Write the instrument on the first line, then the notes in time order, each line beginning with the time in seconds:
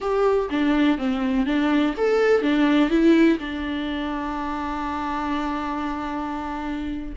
viola
0.00 G4
0.50 D4
0.98 C4
1.46 D4
1.97 A4
2.42 D4
2.89 E4
3.38 D4